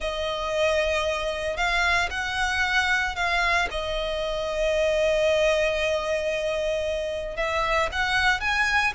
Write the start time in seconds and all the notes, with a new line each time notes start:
0.00 D#5
1.56 F5
2.10 F#5
3.15 F5
3.70 D#5
7.36 E5
7.91 F#5
8.40 G#5